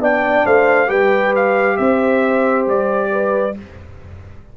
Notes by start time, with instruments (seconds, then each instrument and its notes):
0.00 tuba B3, trombone D4, horn D5, trumpet G5
0.46 tuba A3, horn C5, trumpet F5
0.87 tuba G3, trombone G4, horn B4, trumpet G5
1.36 trumpet F5
1.77 tuba C4, horn C5, trumpet E5
2.67 tuba G3, trumpet D5
3.12 horn B4